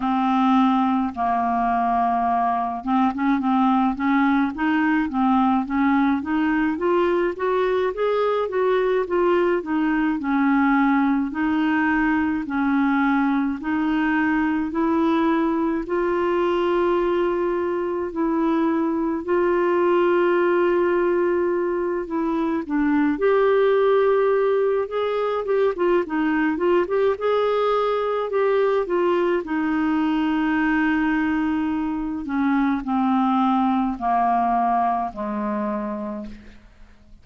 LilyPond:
\new Staff \with { instrumentName = "clarinet" } { \time 4/4 \tempo 4 = 53 c'4 ais4. c'16 cis'16 c'8 cis'8 | dis'8 c'8 cis'8 dis'8 f'8 fis'8 gis'8 fis'8 | f'8 dis'8 cis'4 dis'4 cis'4 | dis'4 e'4 f'2 |
e'4 f'2~ f'8 e'8 | d'8 g'4. gis'8 g'16 f'16 dis'8 f'16 g'16 | gis'4 g'8 f'8 dis'2~ | dis'8 cis'8 c'4 ais4 gis4 | }